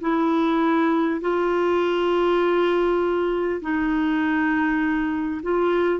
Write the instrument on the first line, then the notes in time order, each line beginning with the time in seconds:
clarinet
0.00 E4
1.21 F4
3.61 D#4
5.42 F4